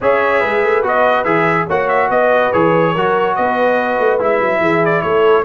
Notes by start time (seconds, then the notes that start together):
0.00 C#4 G#4 C#5 E5
0.40 G#3 B4
0.62 A3
0.82 B3 F#4 D#5
1.24 E3 G#4 E5
1.67 A#3 F#4 C#5 F#5
1.88 E5
2.09 B3 B4 D#5
2.52 E3 G#4 C#5
2.93 F#3 F#4 A#4
3.35 B3 B4 D#5
3.98 A3
4.19 G#3 E4 E5
4.40 F#3
4.60 E3 G#4
4.85 D5
5.01 A3 A4 C#5